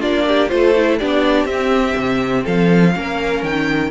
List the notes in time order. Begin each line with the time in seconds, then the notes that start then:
0.00 A#3 D4 F4 D5
0.28 G4
0.48 A3 F4 A4 C5
0.76 E4
0.99 B3 D4 G4 D5
1.45 C4 E5
1.97 C3
2.43 F3 A4 F5
2.94 A#3 C#4 A#4
3.43 D#3 G5